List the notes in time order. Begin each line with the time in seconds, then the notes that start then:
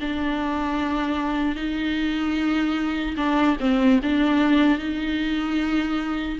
0.00 D4
1.55 D#4
3.16 D4
3.60 C4
4.03 D4
4.78 D#4